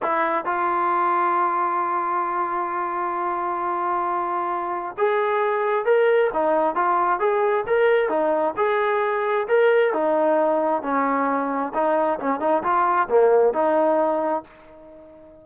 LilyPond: \new Staff \with { instrumentName = "trombone" } { \time 4/4 \tempo 4 = 133 e'4 f'2.~ | f'1~ | f'2. gis'4~ | gis'4 ais'4 dis'4 f'4 |
gis'4 ais'4 dis'4 gis'4~ | gis'4 ais'4 dis'2 | cis'2 dis'4 cis'8 dis'8 | f'4 ais4 dis'2 | }